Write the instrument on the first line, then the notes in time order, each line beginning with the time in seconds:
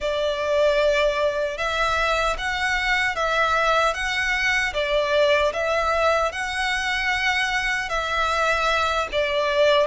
violin
0.00 D5
1.57 E5
2.38 F#5
3.15 E5
3.94 F#5
4.73 D5
5.53 E5
6.32 F#5
7.89 E5
9.11 D5